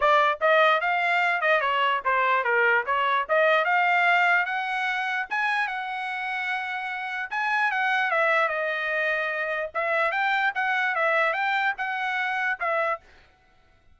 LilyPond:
\new Staff \with { instrumentName = "trumpet" } { \time 4/4 \tempo 4 = 148 d''4 dis''4 f''4. dis''8 | cis''4 c''4 ais'4 cis''4 | dis''4 f''2 fis''4~ | fis''4 gis''4 fis''2~ |
fis''2 gis''4 fis''4 | e''4 dis''2. | e''4 g''4 fis''4 e''4 | g''4 fis''2 e''4 | }